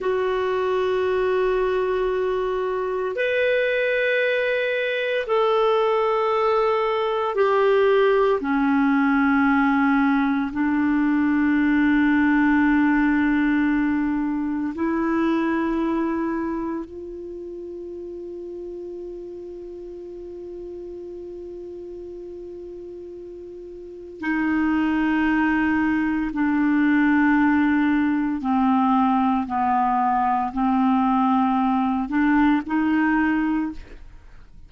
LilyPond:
\new Staff \with { instrumentName = "clarinet" } { \time 4/4 \tempo 4 = 57 fis'2. b'4~ | b'4 a'2 g'4 | cis'2 d'2~ | d'2 e'2 |
f'1~ | f'2. dis'4~ | dis'4 d'2 c'4 | b4 c'4. d'8 dis'4 | }